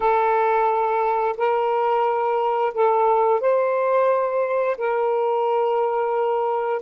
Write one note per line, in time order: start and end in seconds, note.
0.00 1.36 A4
1.37 2.73 A#4
2.74 3.40 A4
3.40 4.76 C5
4.77 6.82 A#4